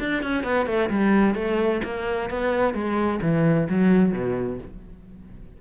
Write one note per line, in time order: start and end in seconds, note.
0.00 0.23 D4
0.23 0.44 C#4
0.44 0.66 B3
0.66 0.89 A3
0.90 1.35 G3
1.35 1.81 A3
1.84 2.30 A#3
2.30 2.74 B3
2.74 3.20 G#3
3.22 3.68 E3
3.69 4.13 F#3
4.13 4.59 B2